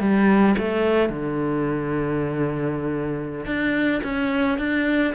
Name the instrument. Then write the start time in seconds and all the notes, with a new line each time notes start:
cello
0.00 G3
0.58 A3
1.10 D3
3.46 D4
4.04 C#4
4.58 D4